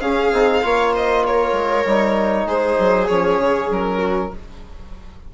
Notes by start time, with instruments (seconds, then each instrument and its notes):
0.00 bassoon C#4, trombone C#4, viola G#4, violin F5
0.32 bassoon C4, trombone D#4
0.63 bassoon A#3, trombone F4, viola C#5
0.93 viola C5, violin D#5
1.26 viola A#4, violin C#5
1.52 bassoon G#3
1.85 bassoon G3, trombone D#4
2.45 bassoon G#3, viola G#4, violin C5
2.79 bassoon F#3
3.07 bassoon F3, trombone C#4, violin C#5
3.39 bassoon C#3
3.70 bassoon F#3, violin A#4
3.98 viola F#4